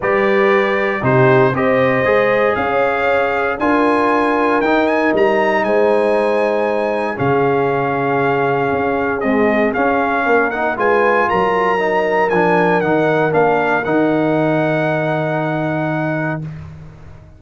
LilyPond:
<<
  \new Staff \with { instrumentName = "trumpet" } { \time 4/4 \tempo 4 = 117 d''2 c''4 dis''4~ | dis''4 f''2 gis''4~ | gis''4 g''8 gis''8 ais''4 gis''4~ | gis''2 f''2~ |
f''2 dis''4 f''4~ | f''8 fis''8 gis''4 ais''2 | gis''4 fis''4 f''4 fis''4~ | fis''1 | }
  \new Staff \with { instrumentName = "horn" } { \time 4/4 b'2 g'4 c''4~ | c''4 cis''2 ais'4~ | ais'2. c''4~ | c''2 gis'2~ |
gis'1 | ais'4 b'4 ais'2~ | ais'1~ | ais'1 | }
  \new Staff \with { instrumentName = "trombone" } { \time 4/4 g'2 dis'4 g'4 | gis'2. f'4~ | f'4 dis'2.~ | dis'2 cis'2~ |
cis'2 gis4 cis'4~ | cis'8 dis'8 f'2 dis'4 | d'4 dis'4 d'4 dis'4~ | dis'1 | }
  \new Staff \with { instrumentName = "tuba" } { \time 4/4 g2 c4 c'4 | gis4 cis'2 d'4~ | d'4 dis'4 g4 gis4~ | gis2 cis2~ |
cis4 cis'4 c'4 cis'4 | ais4 gis4 fis2 | f4 dis4 ais4 dis4~ | dis1 | }
>>